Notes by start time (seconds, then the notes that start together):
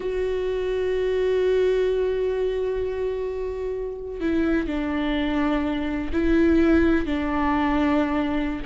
0.00 F#4
4.20 E4
4.67 D4
6.12 E4
7.06 D4